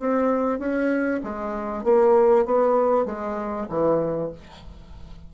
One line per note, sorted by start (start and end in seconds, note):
0.00 0.59 C4
0.59 1.21 C#4
1.24 1.84 G#3
1.84 2.46 A#3
2.46 3.06 B3
3.06 3.68 G#3
3.69 4.31 E3